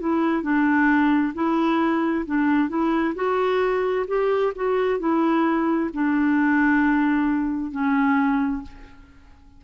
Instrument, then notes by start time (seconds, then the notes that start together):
clarinet
0.00 E4
0.43 D4
1.35 E4
2.26 D4
2.69 E4
3.15 F#4
4.08 G4
4.56 F#4
5.00 E4
5.94 D4
7.72 C#4